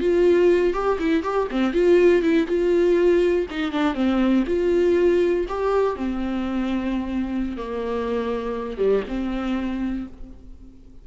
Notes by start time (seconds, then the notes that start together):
0.00 F4
0.73 G4
0.99 E4
1.23 G4
1.51 C4
1.73 F4
2.22 E4
2.47 F4
3.50 D#4
3.72 D4
3.94 C4
4.47 F4
5.49 G4
5.96 C4
7.57 A#3
8.78 G3
9.08 C4